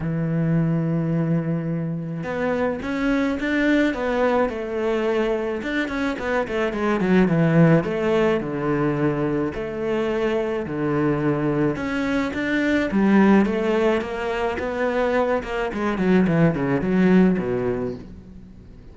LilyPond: \new Staff \with { instrumentName = "cello" } { \time 4/4 \tempo 4 = 107 e1 | b4 cis'4 d'4 b4 | a2 d'8 cis'8 b8 a8 | gis8 fis8 e4 a4 d4~ |
d4 a2 d4~ | d4 cis'4 d'4 g4 | a4 ais4 b4. ais8 | gis8 fis8 e8 cis8 fis4 b,4 | }